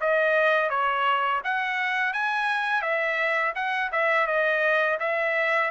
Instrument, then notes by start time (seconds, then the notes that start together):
trumpet
0.00 D#5
0.69 C#5
1.44 F#5
2.13 G#5
2.81 E5
3.55 F#5
3.92 E5
4.26 D#5
4.99 E5